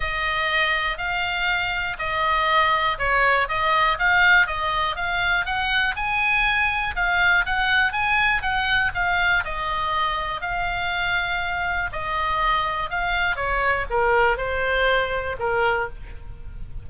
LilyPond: \new Staff \with { instrumentName = "oboe" } { \time 4/4 \tempo 4 = 121 dis''2 f''2 | dis''2 cis''4 dis''4 | f''4 dis''4 f''4 fis''4 | gis''2 f''4 fis''4 |
gis''4 fis''4 f''4 dis''4~ | dis''4 f''2. | dis''2 f''4 cis''4 | ais'4 c''2 ais'4 | }